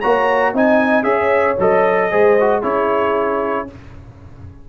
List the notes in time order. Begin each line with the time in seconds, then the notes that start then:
0.00 A#3 F#4 C#5 A#5
0.53 C4 D#4 D#5 G#5
1.02 C#4 G#4 C#5 E5
1.59 F#3 A4 D#5
2.10 G#3 G#4 C5
2.40 F#4
2.62 C#4 E4 G#4 C#5